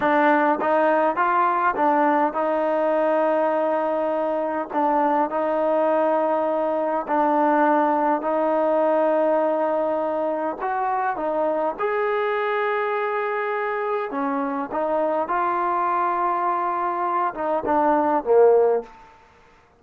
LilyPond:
\new Staff \with { instrumentName = "trombone" } { \time 4/4 \tempo 4 = 102 d'4 dis'4 f'4 d'4 | dis'1 | d'4 dis'2. | d'2 dis'2~ |
dis'2 fis'4 dis'4 | gis'1 | cis'4 dis'4 f'2~ | f'4. dis'8 d'4 ais4 | }